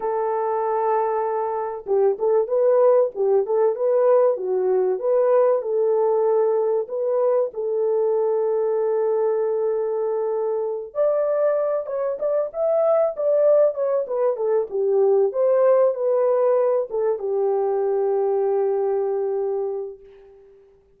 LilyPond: \new Staff \with { instrumentName = "horn" } { \time 4/4 \tempo 4 = 96 a'2. g'8 a'8 | b'4 g'8 a'8 b'4 fis'4 | b'4 a'2 b'4 | a'1~ |
a'4. d''4. cis''8 d''8 | e''4 d''4 cis''8 b'8 a'8 g'8~ | g'8 c''4 b'4. a'8 g'8~ | g'1 | }